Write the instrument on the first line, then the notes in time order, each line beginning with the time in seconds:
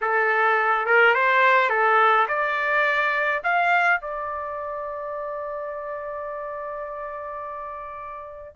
trumpet
0.01 A4
0.86 A#4
1.14 C5
1.69 A4
2.28 D5
3.43 F5
4.01 D5